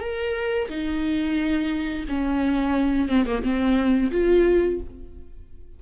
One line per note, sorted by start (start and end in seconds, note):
0.00 0.68 A#4
0.69 2.05 D#4
2.08 3.08 C#4
3.08 3.25 C4
3.26 3.43 A#3
3.43 4.11 C4
4.11 4.79 F4